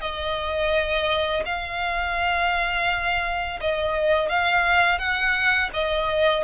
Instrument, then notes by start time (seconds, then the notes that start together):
violin
0.00 D#5
1.45 F5
3.60 D#5
4.29 F5
4.98 F#5
5.73 D#5